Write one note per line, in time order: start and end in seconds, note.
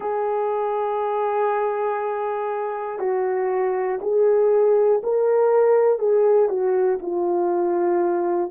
0.00 2.99 G#4
2.99 3.99 F#4
4.01 5.01 G#4
5.03 5.99 A#4
5.99 6.48 G#4
6.48 6.98 F#4
7.01 8.51 F4